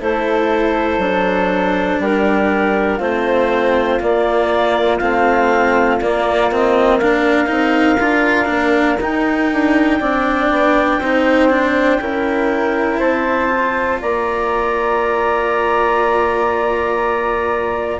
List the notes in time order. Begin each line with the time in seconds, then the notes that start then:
0.00 A3 E4 A4 C5
0.98 F#3 D4
1.99 G3 G4 A#4
2.97 A3 C4 F4 C5
4.00 A#3 D5
4.97 A3 C4 F5
6.01 A#3 D5
6.51 C4 D#5
6.98 D4 A#4 F5
7.46 C4 D#4
7.99 D4 F4
8.45 A#3 D4
9.00 D#4 G5
9.51 D4
10.00 C4 D4 D5
10.50 B3
10.98 C4 D#4 C5
11.49 D4
11.99 C#4 E4 A#4
12.99 C4 C5 A5
13.49 F4
14.00 A#3 D5 A#5